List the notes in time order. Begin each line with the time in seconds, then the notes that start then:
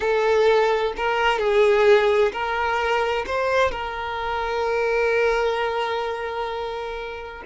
0.00 A4
0.96 A#4
1.38 G#4
2.32 A#4
3.26 C5
3.71 A#4